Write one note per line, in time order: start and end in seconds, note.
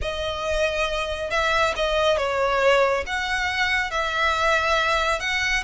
0.01 1.30 D#5
1.30 1.74 E5
1.75 2.17 D#5
2.17 3.04 C#5
3.06 3.90 F#5
3.90 5.20 E5
5.20 5.63 F#5